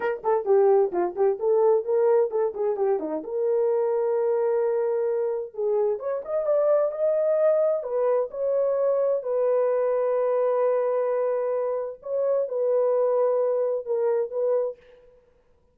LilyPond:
\new Staff \with { instrumentName = "horn" } { \time 4/4 \tempo 4 = 130 ais'8 a'8 g'4 f'8 g'8 a'4 | ais'4 a'8 gis'8 g'8 dis'8 ais'4~ | ais'1 | gis'4 cis''8 dis''8 d''4 dis''4~ |
dis''4 b'4 cis''2 | b'1~ | b'2 cis''4 b'4~ | b'2 ais'4 b'4 | }